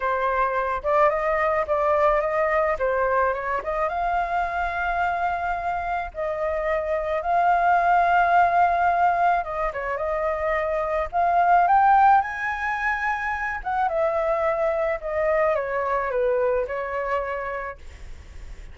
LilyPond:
\new Staff \with { instrumentName = "flute" } { \time 4/4 \tempo 4 = 108 c''4. d''8 dis''4 d''4 | dis''4 c''4 cis''8 dis''8 f''4~ | f''2. dis''4~ | dis''4 f''2.~ |
f''4 dis''8 cis''8 dis''2 | f''4 g''4 gis''2~ | gis''8 fis''8 e''2 dis''4 | cis''4 b'4 cis''2 | }